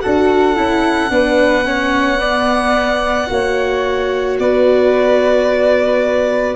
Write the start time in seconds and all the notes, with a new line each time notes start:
0.00 D4 F#4 A4 F#5
0.56 C#4 E4
1.10 B3 D4 B4
1.64 C#4 C#5
2.18 B3 D5
3.27 A#3 F#4 C#5
4.39 B3 B4 D5